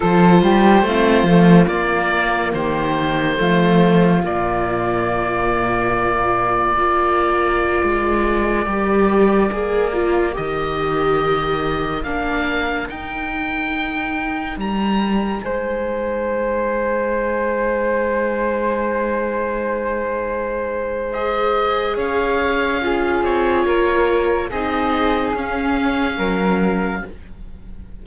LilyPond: <<
  \new Staff \with { instrumentName = "oboe" } { \time 4/4 \tempo 4 = 71 c''2 d''4 c''4~ | c''4 d''2.~ | d''1~ | d''16 dis''2 f''4 g''8.~ |
g''4~ g''16 ais''4 gis''4.~ gis''16~ | gis''1~ | gis''4 dis''4 f''4. cis''8~ | cis''4 dis''4 f''2 | }
  \new Staff \with { instrumentName = "flute" } { \time 4/4 a'8 g'8 f'2 g'4 | f'1 | ais'1~ | ais'1~ |
ais'2~ ais'16 c''4.~ c''16~ | c''1~ | c''2 cis''4 gis'4 | ais'4 gis'2 ais'4 | }
  \new Staff \with { instrumentName = "viola" } { \time 4/4 f'4 c'8 a8 ais2 | a4 ais2. | f'2~ f'16 g'4 gis'8 f'16~ | f'16 g'2 d'4 dis'8.~ |
dis'1~ | dis'1~ | dis'4 gis'2 f'4~ | f'4 dis'4 cis'2 | }
  \new Staff \with { instrumentName = "cello" } { \time 4/4 f8 g8 a8 f8 ais4 dis4 | f4 ais,2. | ais4~ ais16 gis4 g4 ais8.~ | ais16 dis2 ais4 dis'8.~ |
dis'4~ dis'16 g4 gis4.~ gis16~ | gis1~ | gis2 cis'4. c'8 | ais4 c'4 cis'4 fis4 | }
>>